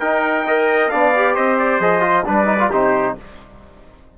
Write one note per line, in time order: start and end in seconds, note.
0.00 0.91 D#4
0.00 0.47 D#4
0.00 0.46 A#4
0.00 0.90 G5
0.47 0.92 A#4
0.47 0.92 D#5
0.90 1.37 B3
0.90 1.15 D4
0.90 1.35 D5
0.90 1.35 F5
1.16 1.81 G4
1.35 1.80 C4
1.35 2.26 C5
1.35 1.58 D#5
1.59 1.81 D5
1.80 2.25 F3
1.80 2.01 G#4
1.80 2.26 D#5
2.01 2.24 F4
2.26 2.71 G3
2.26 2.46 D4
2.26 2.71 B4
2.26 2.73 D5
2.46 2.58 D#4
2.60 2.71 F4
2.71 3.16 C3
2.71 3.18 D#4
2.71 3.16 G4
2.71 3.18 C5